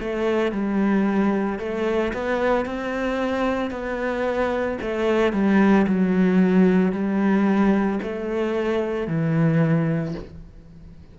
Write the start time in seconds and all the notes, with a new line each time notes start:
0.00 A3
0.52 G3
1.59 A3
2.14 B3
2.66 C4
3.71 B3
4.82 A3
5.33 G3
5.88 F#3
6.93 G3
8.03 A3
9.08 E3